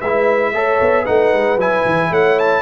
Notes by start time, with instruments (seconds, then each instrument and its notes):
0.00 tuba G#3, trombone E4, horn B4, trumpet E5
0.53 tuba A3, trombone A4, horn C#5
0.80 tuba B3
1.03 tuba A3, trombone D#4, horn B4, trumpet F#5
1.33 tuba G#3
1.56 tuba F#3, trombone E4, trumpet G#5
1.85 tuba E3
2.10 tuba A3, horn C#5, trumpet F#5
2.39 trumpet A5